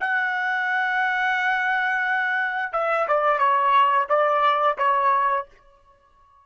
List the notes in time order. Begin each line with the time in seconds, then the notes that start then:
0.00 F#5
2.73 E5
3.08 D5
3.39 C#5
4.09 D5
4.78 C#5